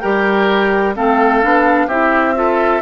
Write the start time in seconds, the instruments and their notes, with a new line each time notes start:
0.00 bassoon G3, clarinet G4, oboe A#4, flute G5
0.95 bassoon A3, clarinet C4, oboe A4, flute F5
1.42 bassoon B3, clarinet D4
1.87 bassoon C4, clarinet E4, oboe G4, flute E5
2.35 clarinet F4, oboe A4